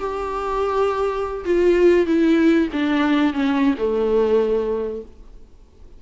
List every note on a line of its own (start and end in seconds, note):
0.00 1.45 G4
1.45 2.06 F4
2.06 2.68 E4
2.73 3.33 D4
3.33 3.74 C#4
3.78 5.02 A3